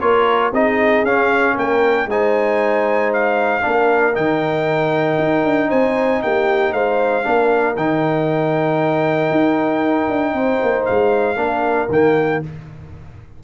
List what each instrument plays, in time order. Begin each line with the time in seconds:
0.00 tuba A#3, trombone F4, horn A#4, trumpet C#5
0.52 tuba C4, trombone D#4, horn G#4, trumpet D#5
1.03 tuba C#4, trombone C#4, trumpet F5
1.54 tuba A#3, horn A#4, trumpet G5
2.06 tuba G#3, trombone D#4, horn C5, trumpet G#5
3.13 trumpet F5
3.61 tuba A#3, trombone D4, horn A#4
4.14 tuba D#3, trombone D#4, trumpet G5
5.18 tuba D#4
5.44 tuba D4
5.69 tuba C4, horn C5, trumpet G#5
6.22 tuba A#3, horn G4, trumpet G5
6.73 tuba G#3, horn C5, trumpet F5
7.23 tuba A#3, trombone D4, horn A#4
7.76 tuba D#3, trombone D#4, trumpet G5
9.31 tuba D#4
10.09 tuba D4
10.33 tuba C4, horn C5
10.63 tuba A#3
10.85 tuba G#3, trumpet F5
11.36 tuba A#3, trombone D4, horn A#4
11.89 tuba D#3, trombone A#3, trumpet G5